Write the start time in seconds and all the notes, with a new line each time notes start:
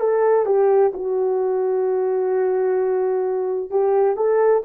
0.00 A4
0.46 G4
0.94 F#4
3.71 G4
4.17 A4